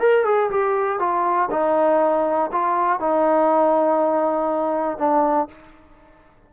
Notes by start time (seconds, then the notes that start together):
0.00 A#4
0.25 G#4
0.51 G4
1.00 F4
1.51 D#4
2.52 F4
3.00 D#4
4.98 D4